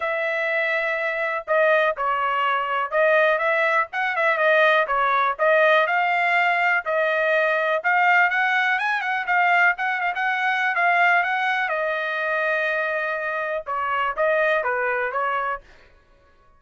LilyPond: \new Staff \with { instrumentName = "trumpet" } { \time 4/4 \tempo 4 = 123 e''2. dis''4 | cis''2 dis''4 e''4 | fis''8 e''8 dis''4 cis''4 dis''4 | f''2 dis''2 |
f''4 fis''4 gis''8 fis''8 f''4 | fis''8 f''16 fis''4~ fis''16 f''4 fis''4 | dis''1 | cis''4 dis''4 b'4 cis''4 | }